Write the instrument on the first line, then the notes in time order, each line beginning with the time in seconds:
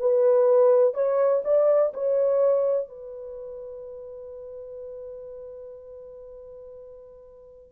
horn
0.00 B4
0.94 C#5
1.45 D5
1.94 C#5
2.89 B4